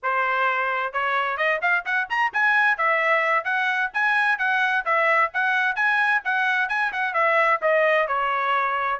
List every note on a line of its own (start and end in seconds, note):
0.02 0.93 C5
0.93 1.37 C#5
1.37 1.60 D#5
1.61 1.84 F5
1.85 2.08 F#5
2.09 2.32 A#5
2.33 2.77 G#5
2.77 3.44 E5
3.44 3.90 F#5
3.93 4.38 G#5
4.38 4.84 F#5
4.85 5.31 E5
5.33 5.75 F#5
5.75 6.21 G#5
6.24 6.68 F#5
6.68 6.91 G#5
6.92 7.13 F#5
7.13 7.59 E5
7.61 8.07 D#5
8.07 9.00 C#5